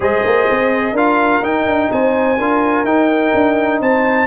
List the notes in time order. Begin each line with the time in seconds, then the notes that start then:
0.00 G#3 G#4 C5 D#5
0.24 A#3
0.50 C4
0.92 D4 F4 A#4 F5
1.41 D#4 G5
1.65 D4
1.91 C4 C5 G#5
2.38 D4 F4 A#4
2.84 D#4 G5
3.34 D4
3.81 C4 C5 A5